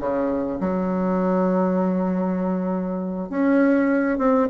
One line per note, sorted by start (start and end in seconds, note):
0.00 0.60 C#3
0.61 3.30 F#3
3.30 4.18 C#4
4.18 4.48 C4